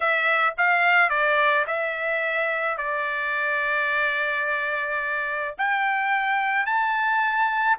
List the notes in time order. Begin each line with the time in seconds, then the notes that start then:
0.00 E5
0.57 F5
1.09 D5
1.66 E5
2.77 D5
5.58 G5
6.65 A5